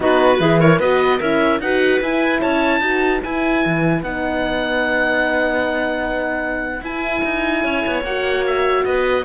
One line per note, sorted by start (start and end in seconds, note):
0.00 0.39 B3
0.00 0.39 D#4
0.00 0.40 F#4
0.00 0.59 B4
0.39 0.79 E3
0.39 0.80 E4
0.39 0.60 G#4
0.59 0.79 A#4
0.59 0.79 C#5
0.79 1.19 B3
0.79 1.20 F#4
0.79 1.19 B4
0.79 1.20 D#5
1.19 1.59 C#4
1.19 1.61 E4
1.19 1.60 A#4
1.19 1.60 E5
1.59 2.00 D#4
1.59 2.03 F#4
1.59 2.41 B4
1.59 2.01 F#5
2.01 2.41 E4
2.01 2.81 E4
2.01 2.41 G#5
2.41 2.80 C#4
2.41 2.81 C#5
2.41 3.21 A5
2.80 3.20 D#4
2.80 3.21 F#4
2.80 7.63 B4
3.22 4.03 E4
3.22 3.65 E4
3.22 4.03 G#5
3.65 4.02 E3
4.02 6.81 B3
4.02 6.83 D#4
4.02 6.84 F#5
6.81 7.21 E4
6.81 8.04 E4
6.81 8.04 G#5
7.24 7.64 D#4
7.63 7.84 C#4
7.63 8.84 C#5
7.86 8.03 B3
8.03 8.84 A#3
8.03 9.25 F#4
8.03 8.44 F#5
8.46 8.84 E5
8.84 9.25 B3
8.84 9.25 B4
8.84 9.25 D#5